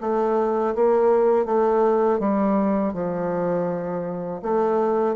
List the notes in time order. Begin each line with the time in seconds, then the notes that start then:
0.00 A3
0.75 A#3
1.45 A3
2.19 G3
2.93 F3
4.42 A3